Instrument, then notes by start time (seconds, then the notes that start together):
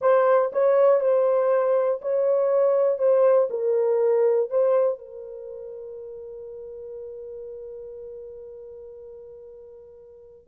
horn
0.01 C5
0.52 C#5
1.00 C5
2.01 C#5
2.98 C5
3.50 A#4
4.50 C5
4.98 A#4